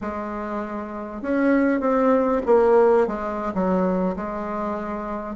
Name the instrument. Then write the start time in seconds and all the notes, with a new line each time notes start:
bassoon
0.01 G#3
1.22 C#4
1.80 C4
2.46 A#3
3.07 G#3
3.54 F#3
4.15 G#3